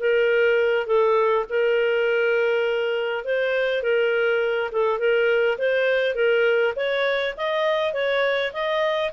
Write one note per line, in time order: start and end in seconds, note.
0.00 0.87 A#4
0.87 1.45 A4
1.49 3.25 A#4
3.25 3.82 C5
3.82 4.71 A#4
4.72 4.99 A4
4.99 5.58 A#4
5.58 6.15 C5
6.15 6.74 A#4
6.76 7.34 C#5
7.37 7.93 D#5
7.93 8.52 C#5
8.53 9.11 D#5